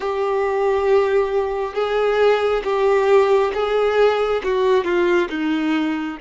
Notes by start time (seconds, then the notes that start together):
0.00 G4
1.74 G#4
2.64 G4
3.53 G#4
4.44 F#4
4.84 F4
5.29 D#4